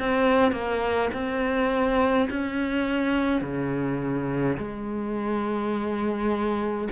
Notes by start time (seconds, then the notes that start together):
0.00 C4
0.52 A#3
1.14 C4
2.30 C#4
3.42 C#3
4.58 G#3